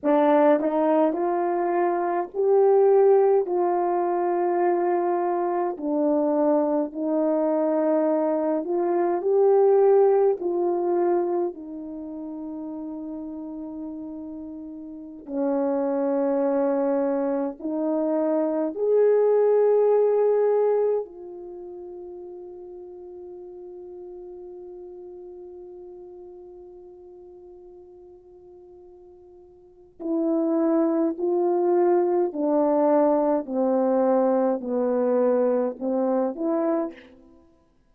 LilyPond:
\new Staff \with { instrumentName = "horn" } { \time 4/4 \tempo 4 = 52 d'8 dis'8 f'4 g'4 f'4~ | f'4 d'4 dis'4. f'8 | g'4 f'4 dis'2~ | dis'4~ dis'16 cis'2 dis'8.~ |
dis'16 gis'2 f'4.~ f'16~ | f'1~ | f'2 e'4 f'4 | d'4 c'4 b4 c'8 e'8 | }